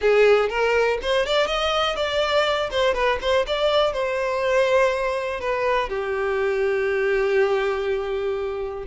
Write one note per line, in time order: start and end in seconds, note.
0.01 0.49 G#4
0.49 0.98 A#4
1.02 1.25 C5
1.25 1.46 D5
1.46 1.96 D#5
1.96 2.69 D5
2.70 2.94 C5
2.94 3.18 B4
3.21 3.45 C5
3.46 3.92 D5
3.92 5.40 C5
5.40 5.89 B4
5.89 8.84 G4